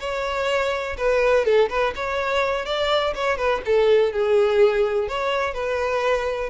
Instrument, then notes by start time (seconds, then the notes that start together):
violin
0.00 C#5
0.97 B4
1.45 A4
1.70 B4
1.95 C#5
2.65 D5
3.15 C#5
3.37 B4
3.66 A4
4.13 G#4
5.08 C#5
5.54 B4